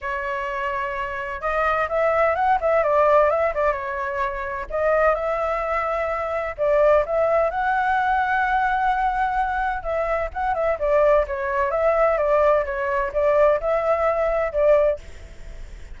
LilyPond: \new Staff \with { instrumentName = "flute" } { \time 4/4 \tempo 4 = 128 cis''2. dis''4 | e''4 fis''8 e''8 d''4 e''8 d''8 | cis''2 dis''4 e''4~ | e''2 d''4 e''4 |
fis''1~ | fis''4 e''4 fis''8 e''8 d''4 | cis''4 e''4 d''4 cis''4 | d''4 e''2 d''4 | }